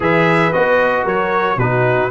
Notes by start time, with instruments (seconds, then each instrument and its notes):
0.00 tuba E3, trombone G#4, horn B4, trumpet E5
0.52 tuba B3, trombone F#4, trumpet D#5
1.03 tuba F#3, horn A#4, trumpet C#5
1.56 tuba B2, trombone D#4, horn F#4, trumpet B4